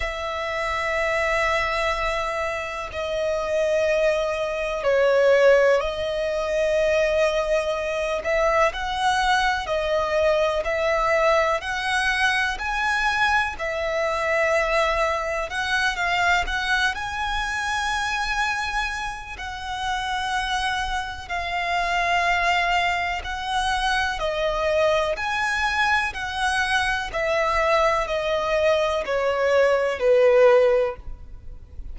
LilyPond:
\new Staff \with { instrumentName = "violin" } { \time 4/4 \tempo 4 = 62 e''2. dis''4~ | dis''4 cis''4 dis''2~ | dis''8 e''8 fis''4 dis''4 e''4 | fis''4 gis''4 e''2 |
fis''8 f''8 fis''8 gis''2~ gis''8 | fis''2 f''2 | fis''4 dis''4 gis''4 fis''4 | e''4 dis''4 cis''4 b'4 | }